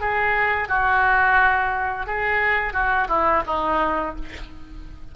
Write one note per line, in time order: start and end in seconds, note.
0.00 0.68 G#4
0.68 2.06 F#4
2.06 2.73 G#4
2.73 3.07 F#4
3.08 3.42 E4
3.46 4.15 D#4